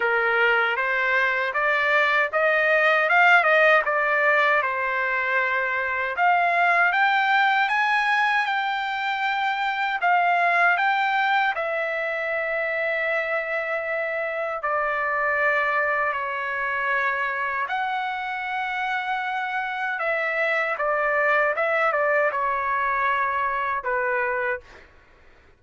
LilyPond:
\new Staff \with { instrumentName = "trumpet" } { \time 4/4 \tempo 4 = 78 ais'4 c''4 d''4 dis''4 | f''8 dis''8 d''4 c''2 | f''4 g''4 gis''4 g''4~ | g''4 f''4 g''4 e''4~ |
e''2. d''4~ | d''4 cis''2 fis''4~ | fis''2 e''4 d''4 | e''8 d''8 cis''2 b'4 | }